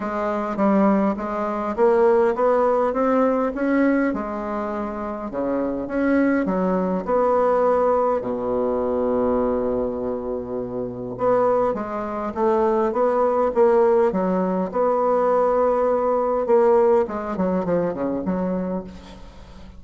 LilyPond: \new Staff \with { instrumentName = "bassoon" } { \time 4/4 \tempo 4 = 102 gis4 g4 gis4 ais4 | b4 c'4 cis'4 gis4~ | gis4 cis4 cis'4 fis4 | b2 b,2~ |
b,2. b4 | gis4 a4 b4 ais4 | fis4 b2. | ais4 gis8 fis8 f8 cis8 fis4 | }